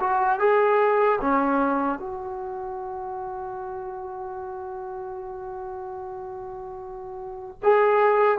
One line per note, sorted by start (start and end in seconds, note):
0.00 0.39 F#4
0.39 1.19 G#4
1.21 1.99 C#4
1.99 7.59 F#4
7.63 8.39 G#4